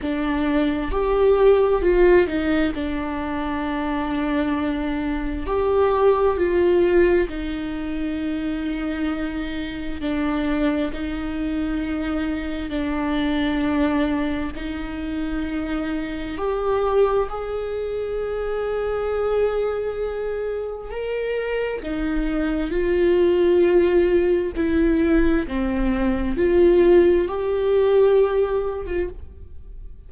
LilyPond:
\new Staff \with { instrumentName = "viola" } { \time 4/4 \tempo 4 = 66 d'4 g'4 f'8 dis'8 d'4~ | d'2 g'4 f'4 | dis'2. d'4 | dis'2 d'2 |
dis'2 g'4 gis'4~ | gis'2. ais'4 | dis'4 f'2 e'4 | c'4 f'4 g'4.~ g'16 f'16 | }